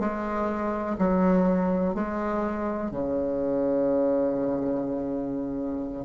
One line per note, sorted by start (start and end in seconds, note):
0.00 0.97 G#3
0.99 1.95 F#3
1.95 2.91 G#3
2.91 6.06 C#3